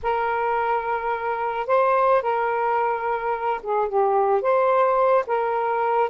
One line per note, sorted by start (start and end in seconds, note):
0.03 1.66 A#4
1.66 2.21 C5
2.21 3.60 A#4
3.62 3.88 G#4
3.88 4.41 G4
4.41 5.24 C5
5.26 6.09 A#4